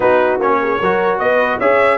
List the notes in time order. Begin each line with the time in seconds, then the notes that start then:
0.00 B3 D#4 F#4 B4
0.39 A#3 C#4 C#5
0.62 G#4
0.80 F#3 F#4 A#4
1.18 B3 B4 D#5
1.58 C#4 G#4 C#5 E5